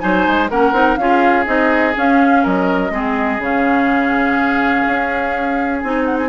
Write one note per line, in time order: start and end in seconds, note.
0.00 0.28 F#3
0.00 0.48 D#4
0.00 0.51 C5
0.00 0.49 G#5
0.28 0.51 G#3
0.50 0.73 A#3
0.50 0.74 C#4
0.50 0.99 A#4
0.50 0.97 F#5
0.73 0.97 C4
0.73 0.98 D#4
0.97 1.46 C#4
0.97 1.46 F4
0.97 2.43 G#4
0.97 1.45 F5
1.46 1.95 C4
1.46 1.94 D#4
1.46 1.96 D#5
1.95 2.91 C#4
1.95 2.45 C#4
1.95 2.45 F5
2.43 2.91 F#3
2.43 2.92 A#4
2.43 3.42 D#5
2.91 3.39 G#3
2.91 3.40 C4
2.91 6.29 G#4
3.39 4.85 C#3
3.39 5.82 C#4
3.39 5.80 F5
4.88 5.84 C#4
5.80 6.29 C4
5.80 6.29 D#4
5.80 6.04 G#5
6.05 6.17 F#5
6.18 6.29 G#5